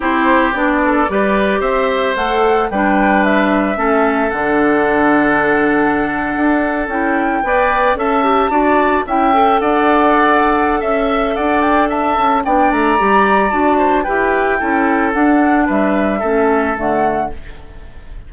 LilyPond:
<<
  \new Staff \with { instrumentName = "flute" } { \time 4/4 \tempo 4 = 111 c''4 d''2 e''4 | fis''4 g''4 e''2 | fis''1~ | fis''8. g''2 a''4~ a''16~ |
a''8. g''4 fis''2~ fis''16 | e''4 fis''8 g''8 a''4 g''8 ais''8~ | ais''4 a''4 g''2 | fis''4 e''2 fis''4 | }
  \new Staff \with { instrumentName = "oboe" } { \time 4/4 g'4. a'8 b'4 c''4~ | c''4 b'2 a'4~ | a'1~ | a'4.~ a'16 d''4 e''4 d''16~ |
d''8. e''4 d''2~ d''16 | e''4 d''4 e''4 d''4~ | d''4. c''8 b'4 a'4~ | a'4 b'4 a'2 | }
  \new Staff \with { instrumentName = "clarinet" } { \time 4/4 e'4 d'4 g'2 | a'4 d'2 cis'4 | d'1~ | d'8. e'4 b'4 a'8 g'8 fis'16~ |
fis'8. e'8 a'2~ a'8.~ | a'2. d'4 | g'4 fis'4 g'4 e'4 | d'2 cis'4 a4 | }
  \new Staff \with { instrumentName = "bassoon" } { \time 4/4 c'4 b4 g4 c'4 | a4 g2 a4 | d2.~ d8. d'16~ | d'8. cis'4 b4 cis'4 d'16~ |
d'8. cis'4 d'2~ d'16 | cis'4 d'4. cis'8 b8 a8 | g4 d'4 e'4 cis'4 | d'4 g4 a4 d4 | }
>>